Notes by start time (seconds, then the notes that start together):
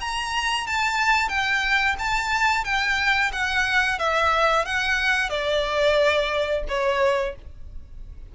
0.00 A#5
0.67 A5
1.29 G5
1.99 A5
2.64 G5
3.32 F#5
3.98 E5
4.65 F#5
5.30 D5
6.68 C#5